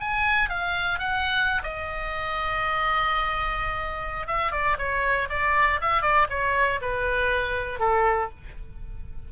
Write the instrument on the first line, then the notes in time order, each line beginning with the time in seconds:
oboe
0.00 G#5
0.49 F5
0.99 F#5
1.63 D#5
4.27 E5
4.51 D5
4.78 C#5
5.29 D5
5.81 E5
6.02 D5
6.30 C#5
6.81 B4
7.79 A4